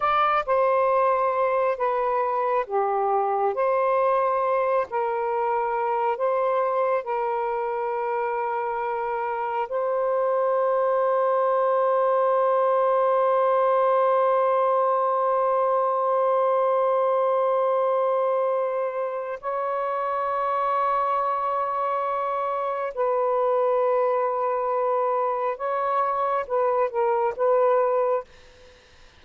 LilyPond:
\new Staff \with { instrumentName = "saxophone" } { \time 4/4 \tempo 4 = 68 d''8 c''4. b'4 g'4 | c''4. ais'4. c''4 | ais'2. c''4~ | c''1~ |
c''1~ | c''2 cis''2~ | cis''2 b'2~ | b'4 cis''4 b'8 ais'8 b'4 | }